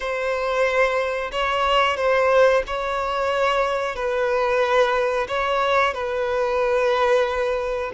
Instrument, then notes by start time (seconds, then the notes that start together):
violin
0.00 C5
1.31 C#5
1.96 C5
2.66 C#5
3.95 B4
5.27 C#5
5.93 B4